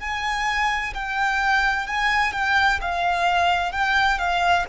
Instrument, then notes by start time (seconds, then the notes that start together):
violin
0.00 G#5
0.94 G5
1.87 G#5
2.33 G5
2.81 F5
3.72 G5
4.18 F5